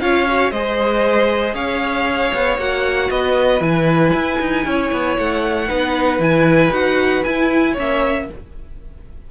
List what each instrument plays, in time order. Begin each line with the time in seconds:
0.00 cello C#4, viola F4, violin C#5 F5
0.27 viola F#4
0.51 cello G#3, viola G#4, violin C5 D#5
1.54 cello C#4, violin C#5 F5
2.34 cello B3
2.58 cello A#3, viola F#4, violin F#5
3.10 cello B3, violin B4 D#5
3.60 cello E3, viola E4, violin G#5
4.13 cello E4
4.40 cello D#4
4.66 cello C#4, violin C#5
4.92 cello B3
5.18 cello A3, violin F#5
5.68 cello B3, viola D#4, violin B4
6.19 cello E3, viola E4, violin G#5
6.71 cello D#4, viola F#4, violin F#5
7.24 cello E4, viola E4, violin G#5
7.73 cello A#3, viola C#4, violin C#5
7.79 violin E5